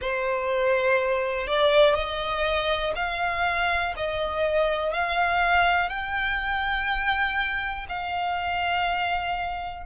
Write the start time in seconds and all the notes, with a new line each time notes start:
0.00 C5
1.47 D5
1.94 D#5
2.95 F5
3.96 D#5
4.93 F5
5.89 G5
7.88 F5